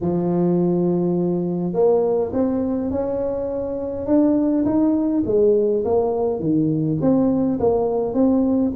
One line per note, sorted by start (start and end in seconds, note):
0.00 1.73 F3
1.73 2.31 A#3
2.32 2.90 C4
2.90 4.06 C#4
4.06 4.64 D4
4.65 5.23 D#4
5.25 5.84 G#3
5.84 6.39 A#3
6.39 6.97 D#3
7.01 7.59 C4
7.59 8.13 A#3
8.13 8.72 C4